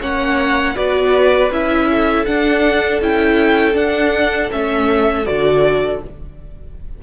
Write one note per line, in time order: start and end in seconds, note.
0.00 0.76 A#3
0.00 0.75 C#4
0.00 0.75 C#5
0.00 0.76 F#5
0.75 1.51 B3
0.75 1.50 F#4
0.75 1.88 B4
0.75 1.51 D5
1.51 2.26 C#4
1.51 2.27 E4
1.51 2.25 E5
1.90 6.03 A4
2.25 3.01 D4
2.25 3.00 D4
2.25 3.00 F#5
3.00 3.75 C#4
3.00 3.73 E4
3.00 3.76 G5
3.73 4.48 D4
3.73 4.50 D4
3.73 4.51 F#5
4.51 5.26 A3
4.51 5.24 C#4
4.51 5.25 E5
5.24 6.01 D3
5.24 5.99 F#4
5.24 6.00 D5